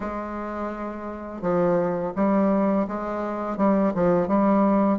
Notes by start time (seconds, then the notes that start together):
0.00 G#3
1.41 F3
2.15 G3
2.87 G#3
3.57 G3
3.94 F3
4.27 G3